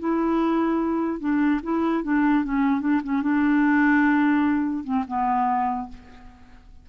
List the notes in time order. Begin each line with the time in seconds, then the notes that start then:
0.00 E4
1.20 D4
1.63 E4
2.04 D4
2.45 C#4
2.81 D4
3.04 C#4
3.22 D4
4.84 C4
5.08 B3